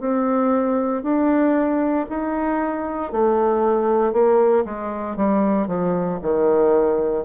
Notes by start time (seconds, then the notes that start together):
0.00 C4
1.03 D4
2.09 D#4
3.12 A3
4.12 A#3
4.65 G#3
5.16 G3
5.67 F3
6.22 D#3